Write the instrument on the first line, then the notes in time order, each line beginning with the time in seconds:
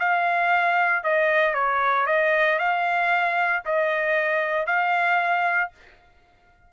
trumpet
0.00 F5
1.04 D#5
1.54 C#5
2.07 D#5
2.59 F5
3.65 D#5
4.67 F5